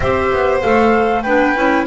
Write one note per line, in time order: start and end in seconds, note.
0.00 0.31 C4
0.00 0.61 G4
0.00 1.22 C5
0.00 0.59 E5
0.32 0.63 B3
0.61 1.25 A3
0.61 1.24 A4
0.61 1.22 F5
1.22 1.56 B3
1.22 1.55 D4
1.22 1.85 B4
1.22 1.85 G5
1.55 1.86 C#4
1.55 1.86 E4